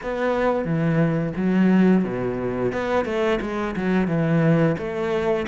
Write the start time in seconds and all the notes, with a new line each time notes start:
0.02 B3
0.64 E3
1.36 F#3
2.04 B2
2.72 B3
3.05 A3
3.41 G#3
3.76 F#3
4.07 E3
4.78 A3